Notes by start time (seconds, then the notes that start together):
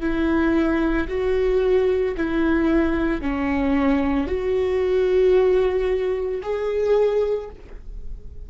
0.00 E4
1.08 F#4
2.16 E4
3.20 C#4
4.27 F#4
6.42 G#4